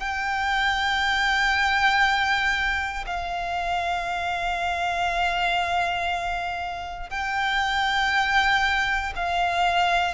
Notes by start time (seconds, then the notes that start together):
0.00 G5
3.07 F5
7.10 G5
9.16 F5